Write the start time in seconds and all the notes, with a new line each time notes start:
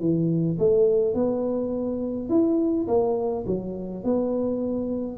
0.00 E3
0.59 A3
1.15 B3
2.29 E4
2.88 A#3
3.46 F#3
4.04 B3